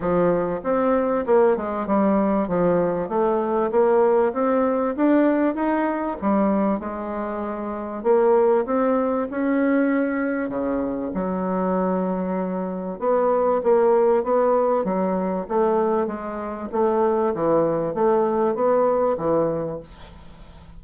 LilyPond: \new Staff \with { instrumentName = "bassoon" } { \time 4/4 \tempo 4 = 97 f4 c'4 ais8 gis8 g4 | f4 a4 ais4 c'4 | d'4 dis'4 g4 gis4~ | gis4 ais4 c'4 cis'4~ |
cis'4 cis4 fis2~ | fis4 b4 ais4 b4 | fis4 a4 gis4 a4 | e4 a4 b4 e4 | }